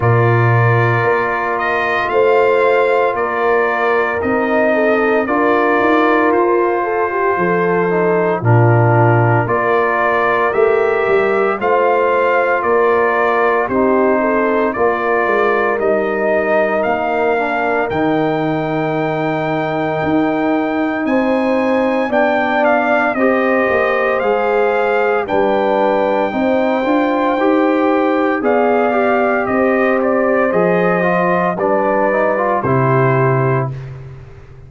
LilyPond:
<<
  \new Staff \with { instrumentName = "trumpet" } { \time 4/4 \tempo 4 = 57 d''4. dis''8 f''4 d''4 | dis''4 d''4 c''2 | ais'4 d''4 e''4 f''4 | d''4 c''4 d''4 dis''4 |
f''4 g''2. | gis''4 g''8 f''8 dis''4 f''4 | g''2. f''4 | dis''8 d''8 dis''4 d''4 c''4 | }
  \new Staff \with { instrumentName = "horn" } { \time 4/4 ais'2 c''4 ais'4~ | ais'8 a'8 ais'4. a'16 g'16 a'4 | f'4 ais'2 c''4 | ais'4 g'8 a'8 ais'2~ |
ais'1 | c''4 d''4 c''2 | b'4 c''2 d''4 | c''2 b'4 g'4 | }
  \new Staff \with { instrumentName = "trombone" } { \time 4/4 f'1 | dis'4 f'2~ f'8 dis'8 | d'4 f'4 g'4 f'4~ | f'4 dis'4 f'4 dis'4~ |
dis'8 d'8 dis'2.~ | dis'4 d'4 g'4 gis'4 | d'4 dis'8 f'8 g'4 gis'8 g'8~ | g'4 gis'8 f'8 d'8 dis'16 f'16 e'4 | }
  \new Staff \with { instrumentName = "tuba" } { \time 4/4 ais,4 ais4 a4 ais4 | c'4 d'8 dis'8 f'4 f4 | ais,4 ais4 a8 g8 a4 | ais4 c'4 ais8 gis8 g4 |
ais4 dis2 dis'4 | c'4 b4 c'8 ais8 gis4 | g4 c'8 d'8 dis'4 b4 | c'4 f4 g4 c4 | }
>>